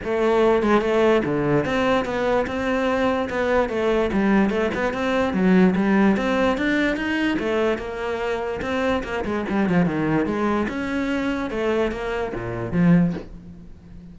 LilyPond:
\new Staff \with { instrumentName = "cello" } { \time 4/4 \tempo 4 = 146 a4. gis8 a4 d4 | c'4 b4 c'2 | b4 a4 g4 a8 b8 | c'4 fis4 g4 c'4 |
d'4 dis'4 a4 ais4~ | ais4 c'4 ais8 gis8 g8 f8 | dis4 gis4 cis'2 | a4 ais4 ais,4 f4 | }